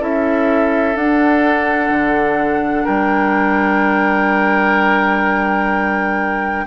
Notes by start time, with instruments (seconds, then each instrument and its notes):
0.00 bassoon C#4, clarinet E4, oboe A4, flute E5
0.96 bassoon D4, clarinet D4, flute F#5
1.90 bassoon D3
2.84 bassoon G3, oboe A#4, flute G5